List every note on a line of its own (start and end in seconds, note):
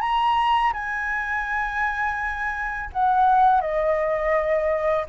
0.00 0.72 A#5
0.73 2.89 G#5
2.92 3.61 F#5
3.61 5.05 D#5